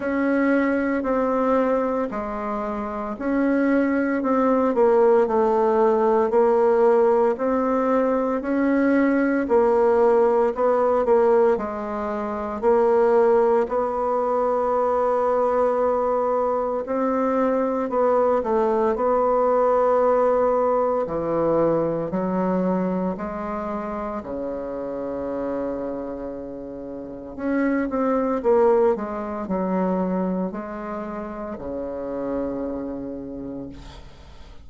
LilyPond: \new Staff \with { instrumentName = "bassoon" } { \time 4/4 \tempo 4 = 57 cis'4 c'4 gis4 cis'4 | c'8 ais8 a4 ais4 c'4 | cis'4 ais4 b8 ais8 gis4 | ais4 b2. |
c'4 b8 a8 b2 | e4 fis4 gis4 cis4~ | cis2 cis'8 c'8 ais8 gis8 | fis4 gis4 cis2 | }